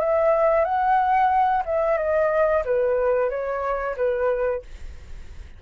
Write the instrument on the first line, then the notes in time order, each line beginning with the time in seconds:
flute
0.00 E5
0.65 F#5
1.66 E5
1.98 D#5
2.65 B4
3.30 C#5
3.97 B4